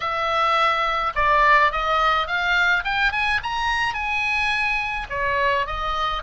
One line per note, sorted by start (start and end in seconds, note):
0.00 1.13 E5
1.15 1.71 D5
1.72 2.27 D#5
2.27 2.83 F5
2.84 3.12 G5
3.12 3.40 G#5
3.43 3.94 A#5
3.94 5.07 G#5
5.09 5.66 C#5
5.66 6.23 D#5